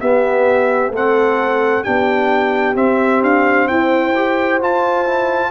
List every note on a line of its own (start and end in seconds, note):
0.00 0.92 B3
0.00 0.90 B3
0.00 0.93 G4
0.00 0.92 E5
0.90 1.82 A3
0.90 1.84 C4
0.90 1.83 A4
0.90 1.83 F#5
1.83 2.76 B3
1.83 2.75 D4
1.83 3.68 G4
1.83 2.76 G5
2.75 4.13 C4
2.75 3.22 C4
2.75 3.23 E5
3.22 3.68 D4
3.22 3.67 F5
3.67 4.61 E4
3.67 5.51 C5
3.67 4.60 G5
4.15 4.61 G4
4.61 5.51 F4
4.61 5.06 F4
4.61 5.51 A5
5.06 5.51 E4